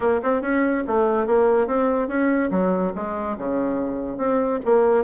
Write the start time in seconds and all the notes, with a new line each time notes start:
0.00 A#3
0.22 C4
0.41 C#4
0.87 A3
1.26 A#3
1.67 C4
2.08 C#4
2.50 F#3
2.95 G#3
3.37 C#3
4.17 C4
4.65 A#3